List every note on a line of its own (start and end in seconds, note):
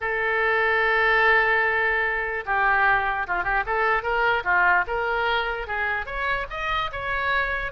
0.01 2.44 A4
2.45 3.26 G4
3.27 3.43 F4
3.43 3.63 G4
3.66 4.02 A4
4.02 4.43 A#4
4.44 4.84 F4
4.87 5.67 A#4
5.67 6.06 G#4
6.06 6.46 C#5
6.50 6.90 D#5
6.92 7.72 C#5